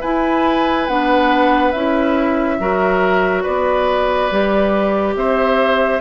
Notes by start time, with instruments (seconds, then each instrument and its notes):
0.00 clarinet E4, bassoon E4, oboe B4, flute G#5
0.88 bassoon B3, clarinet D4, flute F#5
1.71 bassoon C#4, clarinet E4, flute E5
2.59 bassoon F#3, clarinet F#4, oboe A#4
3.43 bassoon B3, oboe B4, flute D5
4.31 bassoon G3, clarinet G4
5.15 bassoon C4, oboe C5, flute E5